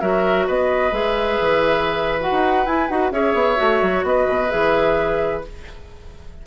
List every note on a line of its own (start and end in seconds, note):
0.00 0.47 F#3
0.00 0.92 F#4
0.00 0.47 A#4
0.00 0.46 E5
0.47 0.91 B3
0.47 3.12 B4
0.47 0.93 D#5
0.91 1.37 G#3
0.91 2.19 G#4
0.91 2.20 E5
1.40 2.30 E3
2.20 2.66 F#4
2.20 2.66 F#5
2.30 2.65 D#4
2.65 2.88 E4
2.65 2.89 E4
2.65 2.88 G#5
2.88 3.11 D#4
2.88 3.12 F#4
2.88 3.11 F#5
3.11 3.34 C#4
3.11 3.55 G#4
3.11 4.05 C#5
3.11 4.04 E5
3.34 3.57 B3
3.55 3.81 A3
3.55 4.48 F#4
3.81 4.03 F#3
4.03 4.26 B3
4.03 5.46 B4
4.03 4.50 D#5
4.27 4.50 B2
4.49 5.45 E3
4.49 5.41 G#4
4.49 5.42 E5